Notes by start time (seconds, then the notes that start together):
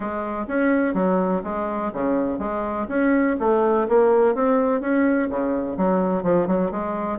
0.00 G#3
0.47 C#4
0.94 F#3
1.43 G#3
1.93 C#3
2.38 G#3
2.88 C#4
3.39 A3
3.88 A#3
4.34 C4
4.80 C#4
5.29 C#3
5.77 F#3
6.23 F3
6.47 F#3
6.71 G#3